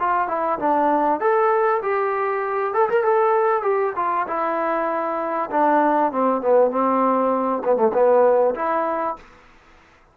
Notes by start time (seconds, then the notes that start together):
0.00 F4
0.28 E4
0.59 D4
1.21 A4
1.82 G4
2.74 A4
2.89 A#4
3.04 A4
3.63 G4
3.96 F4
4.27 E4
5.51 D4
6.12 C4
6.42 B3
6.71 C4
7.64 B3
7.76 A3
7.94 B3
8.55 E4